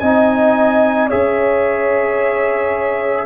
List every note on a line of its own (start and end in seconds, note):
0.00 1.11 C4
0.00 1.10 D#4
0.00 1.08 D#5
0.00 1.09 G#5
1.08 3.26 C#4
1.08 3.26 G#4
1.08 3.26 C#5
1.08 3.26 E5